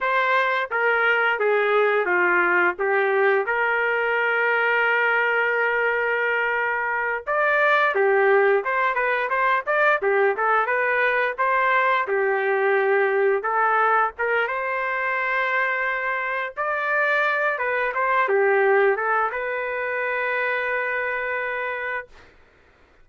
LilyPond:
\new Staff \with { instrumentName = "trumpet" } { \time 4/4 \tempo 4 = 87 c''4 ais'4 gis'4 f'4 | g'4 ais'2.~ | ais'2~ ais'8 d''4 g'8~ | g'8 c''8 b'8 c''8 d''8 g'8 a'8 b'8~ |
b'8 c''4 g'2 a'8~ | a'8 ais'8 c''2. | d''4. b'8 c''8 g'4 a'8 | b'1 | }